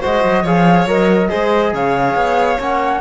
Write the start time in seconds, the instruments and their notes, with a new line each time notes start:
0.00 cello G#3, trombone F#4, violin C5, flute D#5
0.24 cello F#3
0.42 cello F3, trombone G#4, violin C#5, flute F5
0.85 cello F#3, trombone A#4, flute D#5
1.29 cello G#3, trombone G#4, violin C5
1.73 cello C#3, violin C#5, flute F5
2.14 cello B3
2.59 cello A#3, trombone C#4, flute F#5